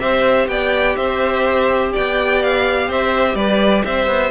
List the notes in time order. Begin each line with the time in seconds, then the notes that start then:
0.00 C4 G4 C5 E5
0.48 B3 D5 G5
0.96 C4 C5 E5
1.93 B3 D5 G5
2.43 F5
2.88 C4 C5 E5
3.35 G3 B4 D5
3.85 C4 C5 E5
4.07 B3